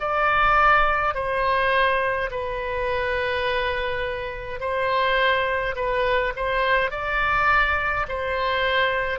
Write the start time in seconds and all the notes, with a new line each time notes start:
0.00 D5
1.14 C5
2.30 B4
4.60 C5
5.75 B4
6.36 C5
6.91 D5
8.08 C5